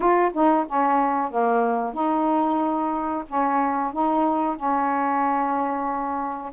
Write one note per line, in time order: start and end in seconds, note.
0.00 0.31 F4
0.33 0.66 D#4
0.67 1.30 C#4
1.30 1.93 A#3
1.93 3.24 D#4
3.28 3.92 C#4
3.92 4.56 D#4
4.56 6.52 C#4